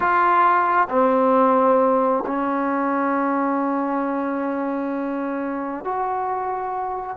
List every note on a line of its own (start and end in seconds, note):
0.00 0.88 F4
0.89 2.24 C4
2.26 5.84 C#4
5.84 7.16 F#4